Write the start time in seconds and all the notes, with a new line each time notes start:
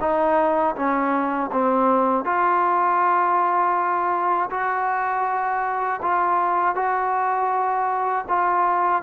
0.00 D#4
0.75 C#4
1.52 C4
2.24 F4
4.50 F#4
6.01 F4
6.75 F#4
8.28 F4